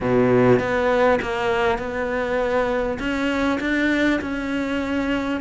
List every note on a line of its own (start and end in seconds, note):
0.00 0.59 B2
0.59 1.19 B3
1.22 1.78 A#3
1.78 2.98 B3
2.99 3.59 C#4
3.60 4.20 D4
4.21 5.40 C#4